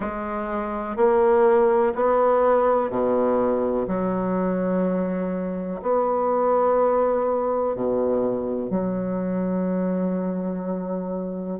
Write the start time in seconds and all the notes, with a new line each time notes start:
0.00 G#3
0.96 A#3
1.95 B3
2.89 B2
3.87 F#3
5.82 B3
7.75 B2
8.70 F#3